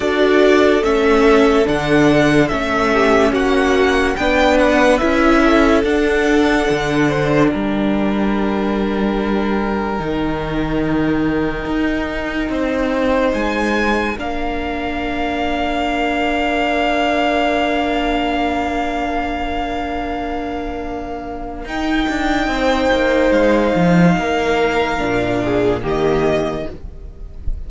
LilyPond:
<<
  \new Staff \with { instrumentName = "violin" } { \time 4/4 \tempo 4 = 72 d''4 e''4 fis''4 e''4 | fis''4 g''8 fis''8 e''4 fis''4~ | fis''4 g''2.~ | g''1 |
gis''4 f''2.~ | f''1~ | f''2 g''2 | f''2. dis''4 | }
  \new Staff \with { instrumentName = "violin" } { \time 4/4 a'2.~ a'8 g'8 | fis'4 b'4. a'4.~ | a'8 c''8 ais'2.~ | ais'2. c''4~ |
c''4 ais'2.~ | ais'1~ | ais'2. c''4~ | c''4 ais'4. gis'8 g'4 | }
  \new Staff \with { instrumentName = "viola" } { \time 4/4 fis'4 cis'4 d'4 cis'4~ | cis'4 d'4 e'4 d'4~ | d'1 | dis'1~ |
dis'4 d'2.~ | d'1~ | d'2 dis'2~ | dis'2 d'4 ais4 | }
  \new Staff \with { instrumentName = "cello" } { \time 4/4 d'4 a4 d4 a4 | ais4 b4 cis'4 d'4 | d4 g2. | dis2 dis'4 c'4 |
gis4 ais2.~ | ais1~ | ais2 dis'8 d'8 c'8 ais8 | gis8 f8 ais4 ais,4 dis4 | }
>>